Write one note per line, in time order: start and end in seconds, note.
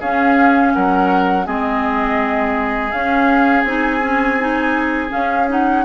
0.00 1.45 C#4
0.00 0.74 C#4
0.00 0.73 G#4
0.00 0.74 F5
0.74 1.47 F#3
0.74 1.46 A#4
0.74 1.47 F#5
1.45 2.92 G#3
1.45 2.92 C4
1.45 5.85 G#4
1.45 2.92 D#5
2.92 3.64 C#4
2.92 3.66 C#4
2.92 3.62 F5
3.62 5.10 C4
3.62 4.01 D#4
3.62 5.08 G#5
4.01 4.38 C#4
4.39 5.09 D#4
5.09 5.46 C#4
5.09 5.85 C#4
5.09 5.49 F5
5.48 5.85 D#4
5.48 5.85 F#5